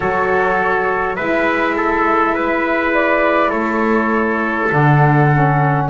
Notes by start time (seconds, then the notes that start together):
0.00 F#3 F#4 A4 C#5
1.15 G#3 E4 B4 E5
1.76 A4
2.34 B4
2.93 D5
3.49 A3 A4 C#5
4.69 D3 D4 F#5
5.32 C#4